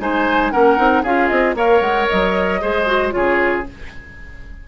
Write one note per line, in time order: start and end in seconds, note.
0.00 0.52 G#3
0.00 0.53 D#4
0.00 0.53 C5
0.00 0.52 G#5
0.52 0.79 A#3
0.52 0.78 C#4
0.52 1.03 A#4
0.52 1.04 F#5
0.78 1.04 C4
0.78 1.04 D#4
1.03 1.30 C#4
1.03 1.56 F4
1.03 1.55 G#4
1.03 1.29 F5
1.29 1.55 C4
1.29 1.55 D#5
1.55 1.81 A#3
1.55 2.61 A#4
1.55 2.62 C#5
1.55 1.81 F5
1.81 2.07 G#3
1.81 2.07 F#5
2.09 2.63 F#3
2.09 3.11 D#5
2.62 3.14 G#3
2.62 2.87 G#4
2.62 3.14 C5
2.87 3.12 F#4
3.11 3.67 C#3
3.11 3.64 F4
3.11 3.68 G#4
3.11 3.63 C#5